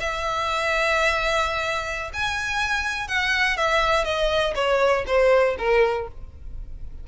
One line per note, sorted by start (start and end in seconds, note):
0.00 2.11 E5
2.13 3.07 G#5
3.07 3.57 F#5
3.57 4.04 E5
4.04 4.54 D#5
4.55 5.04 C#5
5.06 5.56 C5
5.58 6.07 A#4